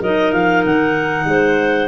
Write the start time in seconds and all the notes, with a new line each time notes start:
0.00 F#3 D#4 A#4 D#5
0.33 F3 F5
0.65 D#3 F#5
1.25 G#3 C5